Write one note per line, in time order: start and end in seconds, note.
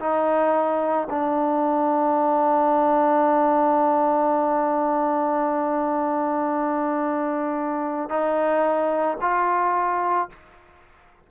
0.00 1.08 D#4
1.10 8.10 D4
8.10 9.18 D#4
9.22 10.30 F4